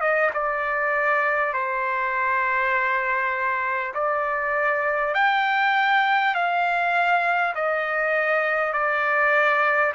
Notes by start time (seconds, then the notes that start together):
0.00 D#5
0.34 D5
1.53 C5
3.94 D5
5.14 G5
6.34 F5
7.55 D#5
8.73 D5